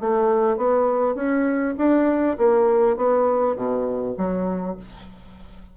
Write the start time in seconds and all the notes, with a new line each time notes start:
0.00 A3
0.57 B3
1.15 C#4
1.78 D4
2.37 A#3
2.96 B3
3.56 B2
4.17 F#3